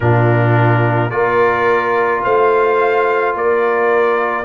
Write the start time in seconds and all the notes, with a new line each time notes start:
0.00 A#2 D4 F4 A#4
1.10 A#3 F4 A#4 D5
2.23 A3 C5 F5
3.34 A#3 A#4 D5